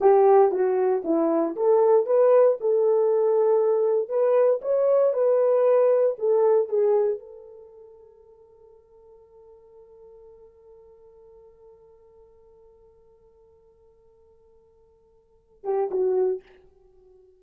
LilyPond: \new Staff \with { instrumentName = "horn" } { \time 4/4 \tempo 4 = 117 g'4 fis'4 e'4 a'4 | b'4 a'2. | b'4 cis''4 b'2 | a'4 gis'4 a'2~ |
a'1~ | a'1~ | a'1~ | a'2~ a'8 g'8 fis'4 | }